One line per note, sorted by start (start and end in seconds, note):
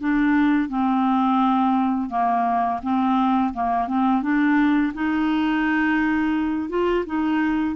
0.00 0.69 D4
0.69 2.10 C4
2.10 2.80 A#3
2.83 3.54 C4
3.54 3.88 A#3
3.88 4.23 C4
4.23 4.93 D4
4.94 6.70 D#4
6.70 7.05 F4
7.07 7.76 D#4